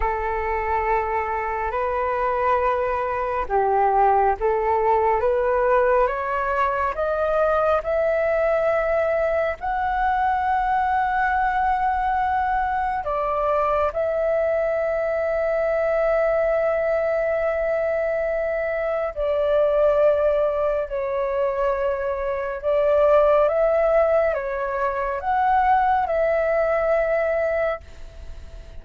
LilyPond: \new Staff \with { instrumentName = "flute" } { \time 4/4 \tempo 4 = 69 a'2 b'2 | g'4 a'4 b'4 cis''4 | dis''4 e''2 fis''4~ | fis''2. d''4 |
e''1~ | e''2 d''2 | cis''2 d''4 e''4 | cis''4 fis''4 e''2 | }